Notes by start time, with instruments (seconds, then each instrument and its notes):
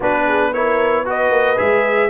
0.00 tuba B3, trombone D4, horn F#4, trumpet B4
0.26 horn G#4
0.53 trombone E4, horn A#4, trumpet C#5
1.05 trombone F#4, horn B4, trumpet D#5
1.30 tuba A#3
1.56 tuba G#3, trombone G#4, trumpet E5